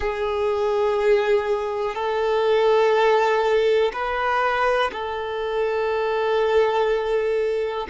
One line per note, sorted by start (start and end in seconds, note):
0.00 1.95 G#4
1.95 3.92 A4
3.92 4.90 B4
4.92 7.87 A4